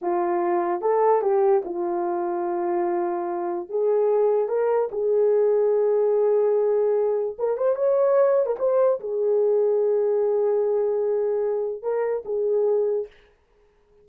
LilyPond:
\new Staff \with { instrumentName = "horn" } { \time 4/4 \tempo 4 = 147 f'2 a'4 g'4 | f'1~ | f'4 gis'2 ais'4 | gis'1~ |
gis'2 ais'8 c''8 cis''4~ | cis''8. ais'16 c''4 gis'2~ | gis'1~ | gis'4 ais'4 gis'2 | }